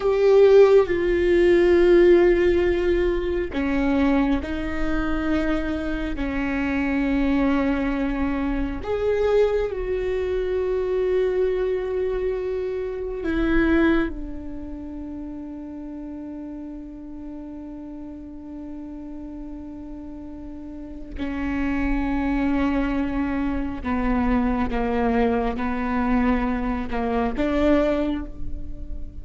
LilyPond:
\new Staff \with { instrumentName = "viola" } { \time 4/4 \tempo 4 = 68 g'4 f'2. | cis'4 dis'2 cis'4~ | cis'2 gis'4 fis'4~ | fis'2. e'4 |
d'1~ | d'1 | cis'2. b4 | ais4 b4. ais8 d'4 | }